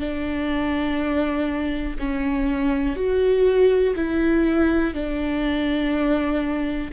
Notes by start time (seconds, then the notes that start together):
0.00 D4
1.99 C#4
2.96 F#4
3.96 E4
4.94 D4